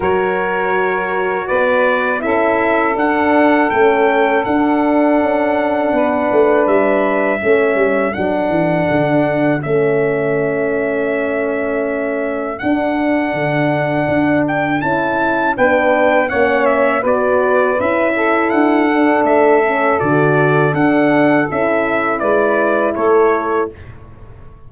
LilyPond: <<
  \new Staff \with { instrumentName = "trumpet" } { \time 4/4 \tempo 4 = 81 cis''2 d''4 e''4 | fis''4 g''4 fis''2~ | fis''4 e''2 fis''4~ | fis''4 e''2.~ |
e''4 fis''2~ fis''8 g''8 | a''4 g''4 fis''8 e''8 d''4 | e''4 fis''4 e''4 d''4 | fis''4 e''4 d''4 cis''4 | }
  \new Staff \with { instrumentName = "saxophone" } { \time 4/4 ais'2 b'4 a'4~ | a'1 | b'2 a'2~ | a'1~ |
a'1~ | a'4 b'4 cis''4 b'4~ | b'8 a'2.~ a'8~ | a'2 b'4 a'4 | }
  \new Staff \with { instrumentName = "horn" } { \time 4/4 fis'2. e'4 | d'4 cis'4 d'2~ | d'2 cis'4 d'4~ | d'4 cis'2.~ |
cis'4 d'2. | e'4 d'4 cis'4 fis'4 | e'4. d'4 cis'8 fis'4 | d'4 e'2. | }
  \new Staff \with { instrumentName = "tuba" } { \time 4/4 fis2 b4 cis'4 | d'4 a4 d'4 cis'4 | b8 a8 g4 a8 g8 fis8 e8 | d4 a2.~ |
a4 d'4 d4 d'4 | cis'4 b4 ais4 b4 | cis'4 d'4 a4 d4 | d'4 cis'4 gis4 a4 | }
>>